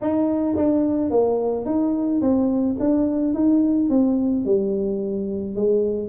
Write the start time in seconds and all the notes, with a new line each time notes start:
0.01 D#4
0.56 D4
1.10 A#3
1.65 D#4
2.21 C4
2.79 D4
3.33 D#4
3.89 C4
4.45 G3
5.55 G#3